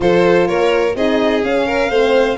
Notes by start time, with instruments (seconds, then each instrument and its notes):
0.00 tuba F3, horn F4, violin A4 C5
0.47 tuba A#3, violin A#4 C#5
0.95 tuba C4, horn D#4, violin G#4 D#5
1.43 horn C#4, tuba C#4, violin F5
1.66 violin A#4
1.89 tuba A3, horn C4, violin C5